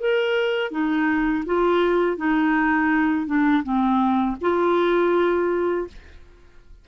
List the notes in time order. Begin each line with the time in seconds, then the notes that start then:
0.00 A#4
0.72 D#4
1.46 F4
2.18 D#4
3.27 D4
3.64 C4
4.41 F4